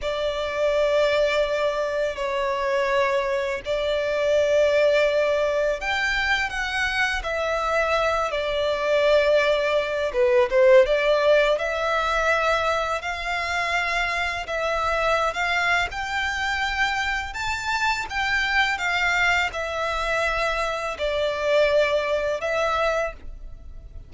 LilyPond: \new Staff \with { instrumentName = "violin" } { \time 4/4 \tempo 4 = 83 d''2. cis''4~ | cis''4 d''2. | g''4 fis''4 e''4. d''8~ | d''2 b'8 c''8 d''4 |
e''2 f''2 | e''4~ e''16 f''8. g''2 | a''4 g''4 f''4 e''4~ | e''4 d''2 e''4 | }